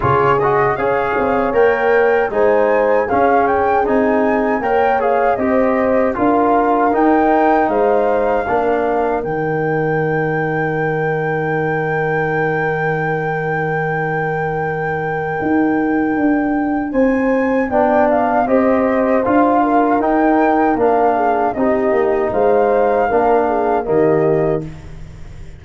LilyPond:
<<
  \new Staff \with { instrumentName = "flute" } { \time 4/4 \tempo 4 = 78 cis''8 dis''8 f''4 g''4 gis''4 | f''8 g''8 gis''4 g''8 f''8 dis''4 | f''4 g''4 f''2 | g''1~ |
g''1~ | g''2 gis''4 g''8 f''8 | dis''4 f''4 g''4 f''4 | dis''4 f''2 dis''4 | }
  \new Staff \with { instrumentName = "horn" } { \time 4/4 gis'4 cis''2 c''4 | gis'2 cis''4 c''4 | ais'2 c''4 ais'4~ | ais'1~ |
ais'1~ | ais'2 c''4 d''4 | c''4. ais'2 gis'8 | g'4 c''4 ais'8 gis'8 g'4 | }
  \new Staff \with { instrumentName = "trombone" } { \time 4/4 f'8 fis'8 gis'4 ais'4 dis'4 | cis'4 dis'4 ais'8 gis'8 g'4 | f'4 dis'2 d'4 | dis'1~ |
dis'1~ | dis'2. d'4 | g'4 f'4 dis'4 d'4 | dis'2 d'4 ais4 | }
  \new Staff \with { instrumentName = "tuba" } { \time 4/4 cis4 cis'8 c'8 ais4 gis4 | cis'4 c'4 ais4 c'4 | d'4 dis'4 gis4 ais4 | dis1~ |
dis1 | dis'4 d'4 c'4 b4 | c'4 d'4 dis'4 ais4 | c'8 ais8 gis4 ais4 dis4 | }
>>